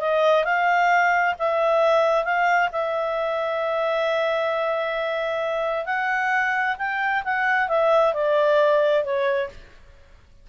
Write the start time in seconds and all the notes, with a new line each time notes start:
0.00 D#5
0.44 F5
1.39 E5
2.24 F5
2.72 E5
5.86 F#5
6.78 G5
7.24 F#5
7.68 E5
8.13 D5
9.04 C#5